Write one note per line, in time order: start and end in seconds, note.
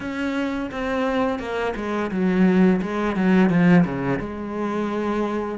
0.00 0.70 C#4
0.71 1.39 C4
1.39 1.73 A#3
1.76 2.11 G#3
2.11 2.80 F#3
2.81 3.16 G#3
3.16 3.49 F#3
3.49 3.84 F3
3.84 4.19 C#3
4.19 5.58 G#3